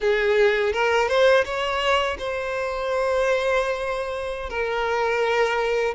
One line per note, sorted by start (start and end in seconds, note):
0.00 0.72 G#4
0.72 1.08 A#4
1.08 1.44 C5
1.45 2.17 C#5
2.18 4.50 C5
4.50 5.94 A#4